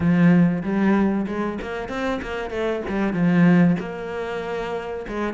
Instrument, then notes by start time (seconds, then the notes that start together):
cello
0.00 F3
0.63 G3
1.26 G#3
1.61 A#3
1.88 C4
2.21 A#3
2.50 A3
2.89 G3
3.13 F3
3.79 A#3
5.08 G#3